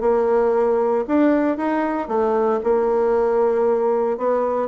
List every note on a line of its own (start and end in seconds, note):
0.00 1.04 A#3
1.07 1.57 D4
1.57 2.08 D#4
2.08 2.60 A3
2.63 4.17 A#3
4.17 4.68 B3